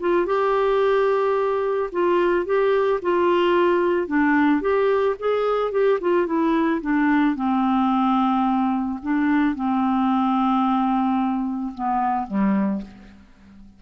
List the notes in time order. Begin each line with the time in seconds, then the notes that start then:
0.00 F4
0.26 G4
1.92 F4
2.46 G4
3.02 F4
4.08 D4
4.61 G4
5.19 G#4
5.72 G4
6.01 F4
6.27 E4
6.81 D4
7.36 C4
9.02 D4
9.55 C4
11.75 B3
12.27 G3